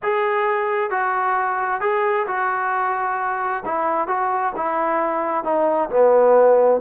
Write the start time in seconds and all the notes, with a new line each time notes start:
0.02 G#4
0.90 F#4
1.81 G#4
2.27 F#4
3.65 E4
4.07 F#4
4.56 E4
5.44 D#4
5.90 B3